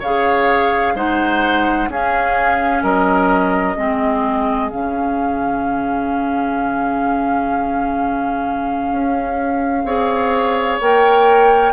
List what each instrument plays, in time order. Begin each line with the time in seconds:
0.00 bassoon C#3, clarinet G#4, oboe C#5, flute F5
0.95 bassoon G#3, clarinet D#4, oboe C5, flute F#5
1.89 bassoon C#4, clarinet C#4, oboe G#4, flute F5
2.83 bassoon F#3, oboe A#4, flute D#5
3.77 bassoon G#3, clarinet C4, oboe G#4
4.70 bassoon C#3, clarinet C#4, flute F5
8.92 bassoon C#4
9.85 bassoon C4, clarinet G#4, oboe C#5
10.81 bassoon A#3, clarinet A#4, flute G5